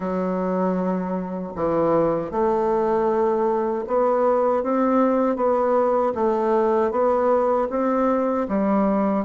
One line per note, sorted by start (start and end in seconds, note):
0.00 1.52 F#3
1.55 2.31 E3
2.31 3.85 A3
3.87 4.63 B3
4.63 5.36 C4
5.36 6.13 B3
6.14 6.91 A3
6.91 7.68 B3
7.70 8.47 C4
8.48 9.25 G3